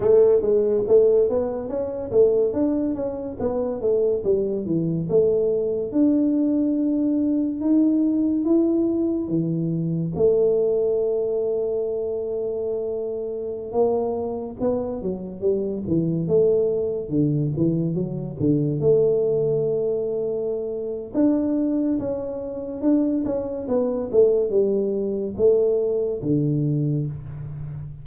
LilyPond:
\new Staff \with { instrumentName = "tuba" } { \time 4/4 \tempo 4 = 71 a8 gis8 a8 b8 cis'8 a8 d'8 cis'8 | b8 a8 g8 e8 a4 d'4~ | d'4 dis'4 e'4 e4 | a1~ |
a16 ais4 b8 fis8 g8 e8 a8.~ | a16 d8 e8 fis8 d8 a4.~ a16~ | a4 d'4 cis'4 d'8 cis'8 | b8 a8 g4 a4 d4 | }